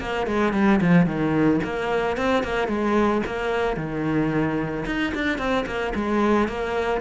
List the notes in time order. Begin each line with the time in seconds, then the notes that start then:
0.00 A#3
0.26 G#3
0.53 G3
0.81 F3
1.06 D#3
1.63 A#3
2.16 C4
2.43 A#3
2.67 G#3
3.26 A#3
3.76 D#3
4.86 D#4
5.14 D4
5.38 C4
5.66 A#3
5.94 G#3
6.48 A#3